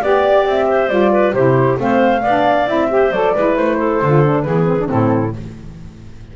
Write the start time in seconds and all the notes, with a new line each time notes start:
0.00 B3 G4 D5
0.46 C4 E5
0.68 C5
0.88 G3 F4 D5
1.12 B4
1.33 C3 E4 G4 C5
1.78 A3 C4 C5 F5
2.21 B3 D4 D5
2.67 C4 E4 E5
2.89 G4 C5
3.11 F#3 A4 D5
3.34 G#3 E4 B4
3.56 A3 C5
3.77 A4
4.02 D3 F4
4.24 D4
4.41 E3 B3 G#4 B4
4.66 C4
4.79 D4
4.87 A2 C4 E4 A4